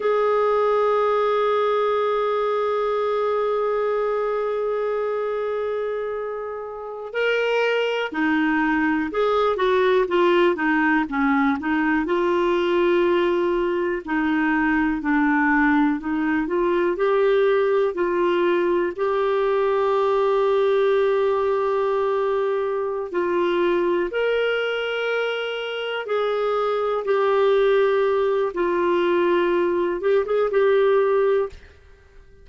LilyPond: \new Staff \with { instrumentName = "clarinet" } { \time 4/4 \tempo 4 = 61 gis'1~ | gis'2.~ gis'16 ais'8.~ | ais'16 dis'4 gis'8 fis'8 f'8 dis'8 cis'8 dis'16~ | dis'16 f'2 dis'4 d'8.~ |
d'16 dis'8 f'8 g'4 f'4 g'8.~ | g'2.~ g'8 f'8~ | f'8 ais'2 gis'4 g'8~ | g'4 f'4. g'16 gis'16 g'4 | }